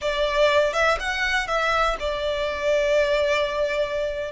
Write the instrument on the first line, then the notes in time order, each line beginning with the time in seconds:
violin
0.01 D5
0.73 E5
0.99 F#5
1.47 E5
1.99 D5